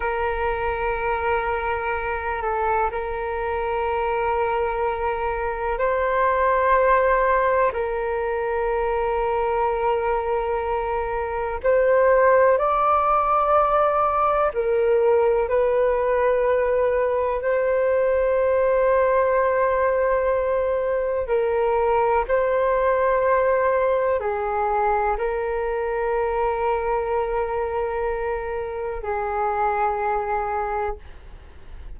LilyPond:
\new Staff \with { instrumentName = "flute" } { \time 4/4 \tempo 4 = 62 ais'2~ ais'8 a'8 ais'4~ | ais'2 c''2 | ais'1 | c''4 d''2 ais'4 |
b'2 c''2~ | c''2 ais'4 c''4~ | c''4 gis'4 ais'2~ | ais'2 gis'2 | }